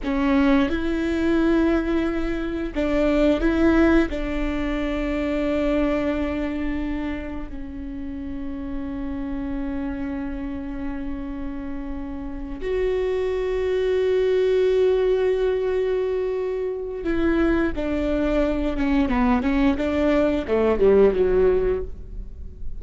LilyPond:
\new Staff \with { instrumentName = "viola" } { \time 4/4 \tempo 4 = 88 cis'4 e'2. | d'4 e'4 d'2~ | d'2. cis'4~ | cis'1~ |
cis'2~ cis'8 fis'4.~ | fis'1~ | fis'4 e'4 d'4. cis'8 | b8 cis'8 d'4 a8 g8 fis4 | }